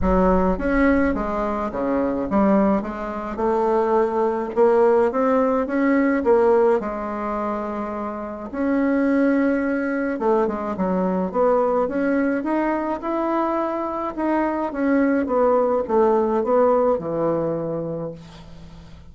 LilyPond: \new Staff \with { instrumentName = "bassoon" } { \time 4/4 \tempo 4 = 106 fis4 cis'4 gis4 cis4 | g4 gis4 a2 | ais4 c'4 cis'4 ais4 | gis2. cis'4~ |
cis'2 a8 gis8 fis4 | b4 cis'4 dis'4 e'4~ | e'4 dis'4 cis'4 b4 | a4 b4 e2 | }